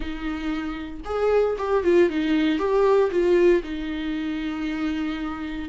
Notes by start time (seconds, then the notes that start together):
0.00 D#4
1.04 G#4
1.58 G4
1.83 F4
2.09 D#4
2.58 G4
3.10 F4
3.63 D#4